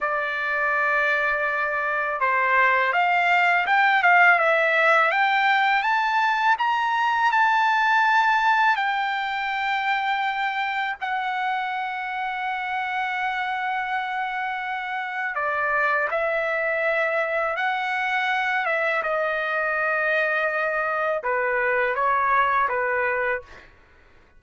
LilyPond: \new Staff \with { instrumentName = "trumpet" } { \time 4/4 \tempo 4 = 82 d''2. c''4 | f''4 g''8 f''8 e''4 g''4 | a''4 ais''4 a''2 | g''2. fis''4~ |
fis''1~ | fis''4 d''4 e''2 | fis''4. e''8 dis''2~ | dis''4 b'4 cis''4 b'4 | }